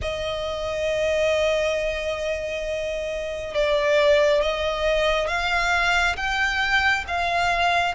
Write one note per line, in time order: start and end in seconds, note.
0.01 3.54 D#5
3.54 4.42 D5
4.42 5.27 D#5
5.27 6.16 F5
6.16 7.04 G5
7.07 7.94 F5